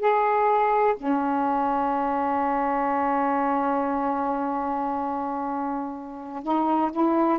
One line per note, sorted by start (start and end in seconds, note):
0.00 0.95 G#4
0.97 6.43 C#4
6.43 6.91 D#4
6.92 7.39 E4